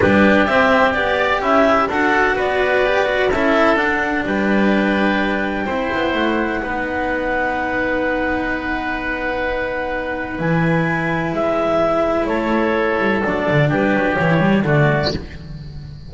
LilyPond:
<<
  \new Staff \with { instrumentName = "clarinet" } { \time 4/4 \tempo 4 = 127 b'4 e''4 d''4 e''4 | fis''4 d''2 e''4 | fis''4 g''2.~ | g''4 fis''2.~ |
fis''1~ | fis''2 gis''2 | e''2 cis''2 | d''4 b'4 cis''4 d''4 | }
  \new Staff \with { instrumentName = "oboe" } { \time 4/4 g'2~ g'8 d''8 e'4 | a'4 b'2 a'4~ | a'4 b'2. | c''2 b'2~ |
b'1~ | b'1~ | b'2 a'2~ | a'4 g'2 fis'4 | }
  \new Staff \with { instrumentName = "cello" } { \time 4/4 d'4 c'4 g'2 | fis'2 g'8 fis'8 e'4 | d'1 | e'2 dis'2~ |
dis'1~ | dis'2 e'2~ | e'1 | d'2 e'8 g8 a4 | }
  \new Staff \with { instrumentName = "double bass" } { \time 4/4 g4 c'4 b4 cis'4 | d'4 b2 cis'4 | d'4 g2. | c'8 b8 a4 b2~ |
b1~ | b2 e2 | gis2 a4. g8 | fis8 d8 g8 fis8 e4 d4 | }
>>